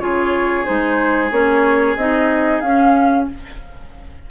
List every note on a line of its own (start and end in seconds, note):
0.00 0.66 C#3
0.00 0.65 F4
0.00 3.29 G#4
0.00 0.65 C#5
0.65 1.31 G#3
0.65 1.30 D#4
0.65 1.31 C5
1.31 1.96 A#3
1.31 1.98 C#4
1.31 1.97 C#5
1.96 2.62 C4
1.96 2.64 D#4
1.96 2.61 D#5
2.61 3.27 C#4
2.61 3.31 C#4
2.61 3.26 F5